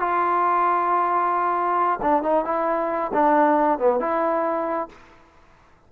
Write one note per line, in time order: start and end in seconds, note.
0.00 2.00 F4
2.02 2.23 D4
2.23 2.45 D#4
2.45 3.12 E4
3.14 3.79 D4
3.79 4.01 B3
4.01 4.89 E4